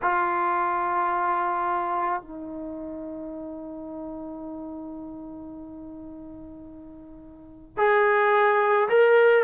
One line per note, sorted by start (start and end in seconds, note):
0.02 2.21 F4
2.21 7.77 D#4
7.77 8.88 G#4
8.88 9.43 A#4